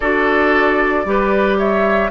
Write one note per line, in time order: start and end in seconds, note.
0.00 1.05 D4
0.00 1.05 F#4
0.00 1.05 A4
0.00 1.55 D5
1.05 2.10 G3
1.05 2.10 G4
1.05 1.58 B4
1.58 2.10 C#5
1.58 2.10 E5